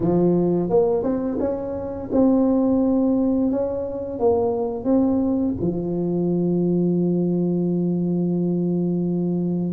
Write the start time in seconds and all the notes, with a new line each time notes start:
0.00 F3
0.69 A#3
1.03 C4
1.39 C#4
2.12 C4
3.51 C#4
4.19 A#3
4.84 C4
5.60 F3